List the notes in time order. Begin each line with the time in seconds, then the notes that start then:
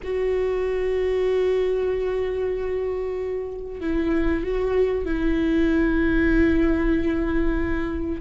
0.03 F#4
3.80 E4
4.43 F#4
5.05 E4